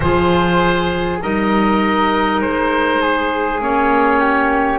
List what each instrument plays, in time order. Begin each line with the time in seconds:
0.00 double bass F3, clarinet F4, flute G#4, oboe C5
1.22 double bass G3, clarinet D#4, flute A#4, oboe D#5
2.41 double bass G#3, oboe C5
3.01 flute G#4
3.60 double bass A#3, clarinet C#4, oboe C#5
4.19 flute G4